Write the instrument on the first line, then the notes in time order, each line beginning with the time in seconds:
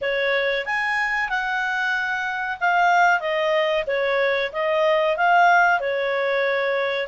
clarinet
0.01 C#5
0.65 G#5
1.29 F#5
2.60 F5
3.19 D#5
3.87 C#5
4.52 D#5
5.16 F5
5.79 C#5